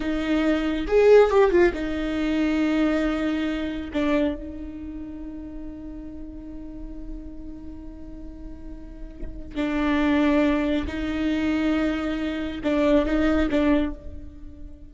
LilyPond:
\new Staff \with { instrumentName = "viola" } { \time 4/4 \tempo 4 = 138 dis'2 gis'4 g'8 f'8 | dis'1~ | dis'4 d'4 dis'2~ | dis'1~ |
dis'1~ | dis'2 d'2~ | d'4 dis'2.~ | dis'4 d'4 dis'4 d'4 | }